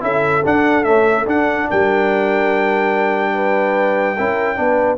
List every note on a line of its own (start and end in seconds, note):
0.00 0.43 C#4
0.00 0.41 E4
0.00 1.68 A4
0.00 0.44 E5
0.44 0.84 D4
0.44 0.84 F#5
0.84 1.25 A3
0.84 1.26 C#4
0.84 1.25 E5
1.26 1.67 D4
1.26 4.16 D4
1.26 1.70 F#5
1.68 4.19 G3
1.68 3.33 A#4
1.68 4.98 G5
3.33 4.15 B4
4.15 4.58 C#4
4.15 4.55 E4
4.15 4.57 A#4
4.55 4.98 B3
4.55 4.97 D4
4.55 4.98 B4